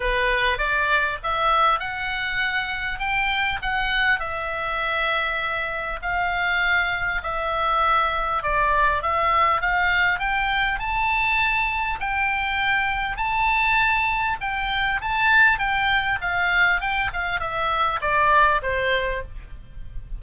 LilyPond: \new Staff \with { instrumentName = "oboe" } { \time 4/4 \tempo 4 = 100 b'4 d''4 e''4 fis''4~ | fis''4 g''4 fis''4 e''4~ | e''2 f''2 | e''2 d''4 e''4 |
f''4 g''4 a''2 | g''2 a''2 | g''4 a''4 g''4 f''4 | g''8 f''8 e''4 d''4 c''4 | }